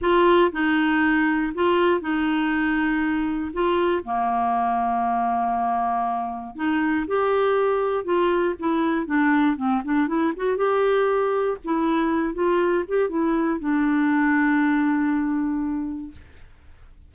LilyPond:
\new Staff \with { instrumentName = "clarinet" } { \time 4/4 \tempo 4 = 119 f'4 dis'2 f'4 | dis'2. f'4 | ais1~ | ais4 dis'4 g'2 |
f'4 e'4 d'4 c'8 d'8 | e'8 fis'8 g'2 e'4~ | e'8 f'4 g'8 e'4 d'4~ | d'1 | }